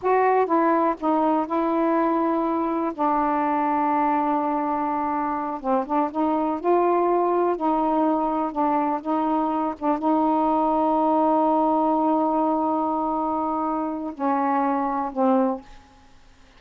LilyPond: \new Staff \with { instrumentName = "saxophone" } { \time 4/4 \tempo 4 = 123 fis'4 e'4 dis'4 e'4~ | e'2 d'2~ | d'2.~ d'8 c'8 | d'8 dis'4 f'2 dis'8~ |
dis'4. d'4 dis'4. | d'8 dis'2.~ dis'8~ | dis'1~ | dis'4 cis'2 c'4 | }